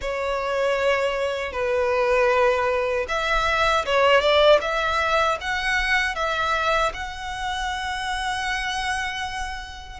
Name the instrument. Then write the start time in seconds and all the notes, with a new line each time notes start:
violin
0.01 C#5
1.52 B4
3.08 E5
3.85 C#5
4.20 D5
4.61 E5
5.41 F#5
6.15 E5
6.93 F#5